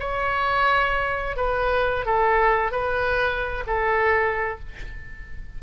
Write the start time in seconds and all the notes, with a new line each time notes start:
0.00 C#5
1.37 B4
2.06 A4
2.72 B4
3.67 A4